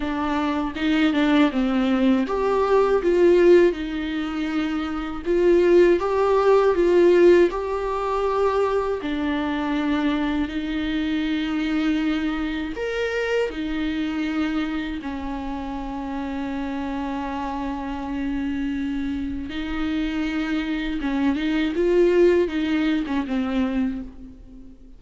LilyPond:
\new Staff \with { instrumentName = "viola" } { \time 4/4 \tempo 4 = 80 d'4 dis'8 d'8 c'4 g'4 | f'4 dis'2 f'4 | g'4 f'4 g'2 | d'2 dis'2~ |
dis'4 ais'4 dis'2 | cis'1~ | cis'2 dis'2 | cis'8 dis'8 f'4 dis'8. cis'16 c'4 | }